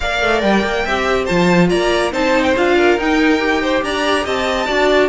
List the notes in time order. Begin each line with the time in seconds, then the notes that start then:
0.00 A#3 A#4 D5 F5
0.22 A3
0.41 G3 G5
0.63 A#3
0.85 C4 G4 E5
1.25 F3 F4 C5 A5
1.69 A#3 D5 A#5
2.11 C4 D#4 C5 A5
2.43 G5
2.56 D4 F4 F5
2.77 A#4
2.97 D#4 G5
3.39 G4
3.62 C5
3.82 D4 D5 A#5
4.24 C4 D#5 A5
4.66 D4 F#4 D5